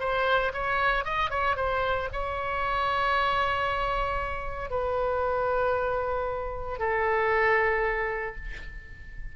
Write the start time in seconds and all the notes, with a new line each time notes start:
0.00 C5
0.53 C#5
1.05 D#5
1.30 C#5
1.56 C5
2.12 C#5
4.70 B4
6.79 A4